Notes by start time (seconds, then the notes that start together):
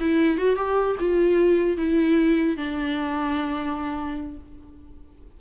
0.00 E4
0.37 F#4
0.56 G4
1.00 F4
1.77 E4
2.57 D4